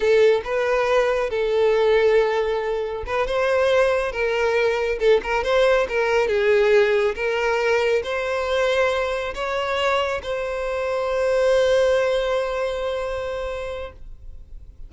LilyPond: \new Staff \with { instrumentName = "violin" } { \time 4/4 \tempo 4 = 138 a'4 b'2 a'4~ | a'2. b'8 c''8~ | c''4. ais'2 a'8 | ais'8 c''4 ais'4 gis'4.~ |
gis'8 ais'2 c''4.~ | c''4. cis''2 c''8~ | c''1~ | c''1 | }